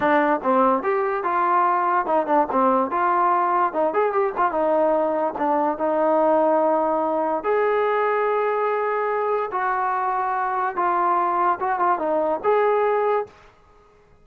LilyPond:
\new Staff \with { instrumentName = "trombone" } { \time 4/4 \tempo 4 = 145 d'4 c'4 g'4 f'4~ | f'4 dis'8 d'8 c'4 f'4~ | f'4 dis'8 gis'8 g'8 f'8 dis'4~ | dis'4 d'4 dis'2~ |
dis'2 gis'2~ | gis'2. fis'4~ | fis'2 f'2 | fis'8 f'8 dis'4 gis'2 | }